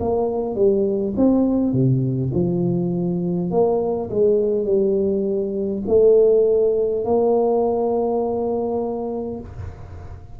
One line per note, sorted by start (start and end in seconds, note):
0.00 0.55 A#3
0.55 1.14 G3
1.16 1.73 C4
1.73 2.32 C3
2.33 3.51 F3
3.51 4.10 A#3
4.10 4.65 G#3
4.65 5.83 G3
5.87 7.05 A3
7.05 9.40 A#3